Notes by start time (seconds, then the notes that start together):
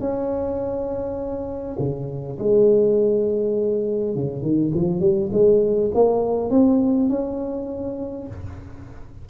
0.00 C#4
1.79 C#3
2.39 G#3
4.15 C#3
4.42 D#3
4.74 F3
5.00 G3
5.32 G#3
5.94 A#3
6.50 C4
7.09 C#4